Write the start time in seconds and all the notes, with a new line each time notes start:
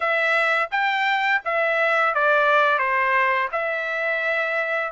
0.00 E5
0.71 G5
1.44 E5
2.14 D5
2.78 C5
3.52 E5